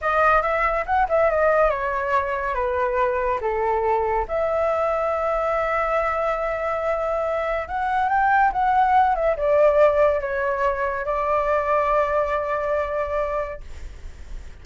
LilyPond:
\new Staff \with { instrumentName = "flute" } { \time 4/4 \tempo 4 = 141 dis''4 e''4 fis''8 e''8 dis''4 | cis''2 b'2 | a'2 e''2~ | e''1~ |
e''2 fis''4 g''4 | fis''4. e''8 d''2 | cis''2 d''2~ | d''1 | }